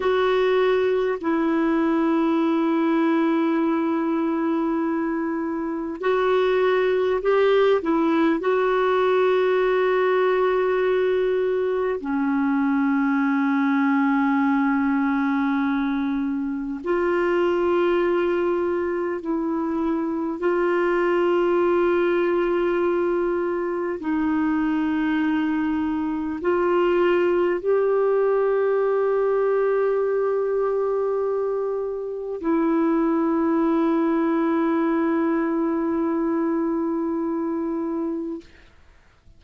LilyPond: \new Staff \with { instrumentName = "clarinet" } { \time 4/4 \tempo 4 = 50 fis'4 e'2.~ | e'4 fis'4 g'8 e'8 fis'4~ | fis'2 cis'2~ | cis'2 f'2 |
e'4 f'2. | dis'2 f'4 g'4~ | g'2. e'4~ | e'1 | }